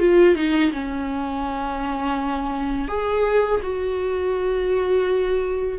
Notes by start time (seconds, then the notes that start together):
0.00 F4
0.36 D#4
0.73 C#4
2.88 G#4
3.63 F#4